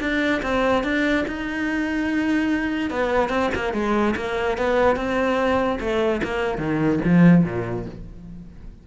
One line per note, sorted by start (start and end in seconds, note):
0.00 0.41 D4
0.42 0.84 C4
0.84 1.25 D4
1.27 2.90 D#4
2.90 3.29 B3
3.29 3.50 C4
3.54 3.73 A#3
3.73 4.14 G#3
4.16 4.57 A#3
4.57 4.96 B3
4.96 5.79 C4
5.79 6.21 A3
6.23 6.58 A#3
6.58 6.99 D#3
7.04 7.44 F3
7.44 7.85 A#2